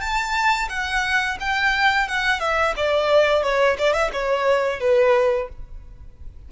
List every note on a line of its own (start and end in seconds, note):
0.00 0.68 A5
0.69 1.37 F#5
1.40 2.08 G5
2.08 2.40 F#5
2.40 2.74 E5
2.76 3.42 D5
3.42 3.77 C#5
3.78 3.93 D5
3.93 4.10 E5
4.13 4.80 C#5
4.80 5.48 B4